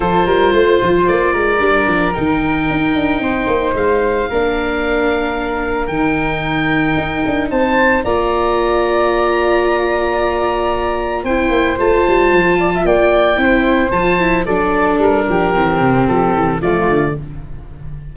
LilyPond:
<<
  \new Staff \with { instrumentName = "oboe" } { \time 4/4 \tempo 4 = 112 c''2 d''2 | g''2. f''4~ | f''2. g''4~ | g''2 a''4 ais''4~ |
ais''1~ | ais''4 g''4 a''2 | g''2 a''4 d''4 | ais'2 a'4 d''4 | }
  \new Staff \with { instrumentName = "flute" } { \time 4/4 a'8 ais'8 c''4. ais'4.~ | ais'2 c''2 | ais'1~ | ais'2 c''4 d''4~ |
d''1~ | d''4 c''2~ c''8 d''16 e''16 | d''4 c''2 a'4~ | a'8 g'2~ g'8 f'4 | }
  \new Staff \with { instrumentName = "viola" } { \time 4/4 f'2. d'4 | dis'1 | d'2. dis'4~ | dis'2. f'4~ |
f'1~ | f'4 e'4 f'2~ | f'4 e'4 f'8 e'8 d'4~ | d'4 c'2 a4 | }
  \new Staff \with { instrumentName = "tuba" } { \time 4/4 f8 g8 a8 f8 ais8 gis8 g8 f8 | dis4 dis'8 d'8 c'8 ais8 gis4 | ais2. dis4~ | dis4 dis'8 d'8 c'4 ais4~ |
ais1~ | ais4 c'8 ais8 a8 g8 f4 | ais4 c'4 f4 fis4 | g8 f8 e8 c8 f8 e8 f8 d8 | }
>>